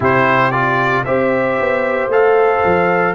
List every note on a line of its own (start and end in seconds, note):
0.00 1.04 C3
0.00 0.52 E4
0.00 1.04 G4
0.00 0.51 C5
0.51 1.05 F4
0.51 1.04 D5
1.04 1.59 C4
1.04 2.11 G4
1.04 3.14 C5
1.04 2.10 E5
1.60 2.07 B3
2.07 2.60 A3
2.07 3.14 A4
2.07 3.14 F5
2.64 3.14 F3